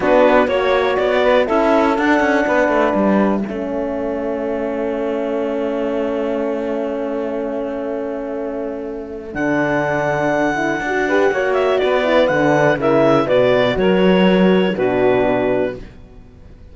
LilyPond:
<<
  \new Staff \with { instrumentName = "clarinet" } { \time 4/4 \tempo 4 = 122 b'4 cis''4 d''4 e''4 | fis''2 e''2~ | e''1~ | e''1~ |
e''2. fis''4~ | fis''2.~ fis''8 e''8 | d''4 fis''4 e''4 d''4 | cis''2 b'2 | }
  \new Staff \with { instrumentName = "saxophone" } { \time 4/4 fis'4 cis''4. b'8 a'4~ | a'4 b'2 a'4~ | a'1~ | a'1~ |
a'1~ | a'2~ a'8 b'8 cis''4 | b'2 ais'4 b'4 | ais'2 fis'2 | }
  \new Staff \with { instrumentName = "horn" } { \time 4/4 d'4 fis'2 e'4 | d'2. cis'4~ | cis'1~ | cis'1~ |
cis'2. d'4~ | d'4. e'8 fis'8 g'8 fis'4~ | fis'8 e'8 d'4 e'4 fis'4~ | fis'2 d'2 | }
  \new Staff \with { instrumentName = "cello" } { \time 4/4 b4 ais4 b4 cis'4 | d'8 cis'8 b8 a8 g4 a4~ | a1~ | a1~ |
a2. d4~ | d2 d'4 ais4 | b4 d4 cis4 b,4 | fis2 b,2 | }
>>